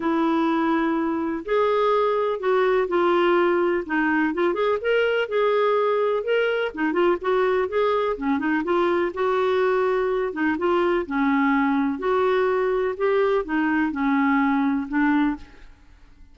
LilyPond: \new Staff \with { instrumentName = "clarinet" } { \time 4/4 \tempo 4 = 125 e'2. gis'4~ | gis'4 fis'4 f'2 | dis'4 f'8 gis'8 ais'4 gis'4~ | gis'4 ais'4 dis'8 f'8 fis'4 |
gis'4 cis'8 dis'8 f'4 fis'4~ | fis'4. dis'8 f'4 cis'4~ | cis'4 fis'2 g'4 | dis'4 cis'2 d'4 | }